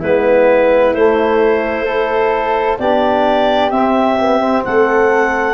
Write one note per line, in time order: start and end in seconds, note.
0.00 0.94 G#3
0.00 0.97 B3
0.00 1.85 E4
0.00 0.94 B4
0.94 2.78 A3
0.94 1.87 A3
0.94 2.79 C5
1.85 2.79 E4
1.85 2.78 A4
2.79 3.71 B3
2.79 3.72 D4
2.79 4.64 G4
2.79 3.71 D5
3.71 4.64 C4
3.71 4.18 C4
3.71 4.63 E5
4.19 4.40 B3
4.40 5.54 C4
4.65 5.54 A3
4.65 5.54 A4
4.65 5.54 F#5